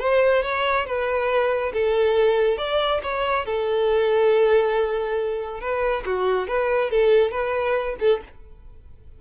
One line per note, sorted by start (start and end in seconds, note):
0.00 0.43 C5
0.43 0.86 C#5
0.86 1.73 B4
1.73 2.58 A4
2.58 3.01 D5
3.03 3.46 C#5
3.46 5.61 A4
5.61 6.04 B4
6.06 6.48 F#4
6.48 6.90 B4
6.90 7.31 A4
7.31 7.96 B4
8.00 8.22 A4